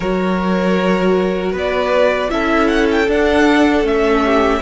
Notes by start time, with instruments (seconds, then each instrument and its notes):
0.00 cello F#3, viola F#4, violin A#4 C#5
1.52 cello B3, violin B4 D5
2.29 cello C#4, viola E4, violin A4 E5
2.67 violin F#5
2.91 violin G5
3.07 cello D4, viola D4, violin F#5
3.82 cello A3, viola C#4, violin E5
4.25 violin G4